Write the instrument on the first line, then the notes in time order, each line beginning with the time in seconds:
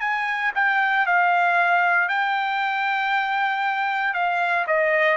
trumpet
0.00 G#5
0.55 G5
1.06 F5
2.08 G5
4.14 F5
4.67 D#5